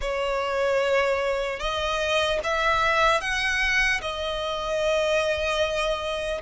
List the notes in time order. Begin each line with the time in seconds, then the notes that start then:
0.01 C#5
1.59 D#5
2.43 E5
3.20 F#5
4.01 D#5